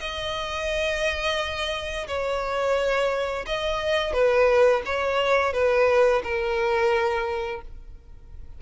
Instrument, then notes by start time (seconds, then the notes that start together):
violin
0.00 D#5
2.07 C#5
3.46 D#5
4.13 B4
4.85 C#5
5.53 B4
6.23 A#4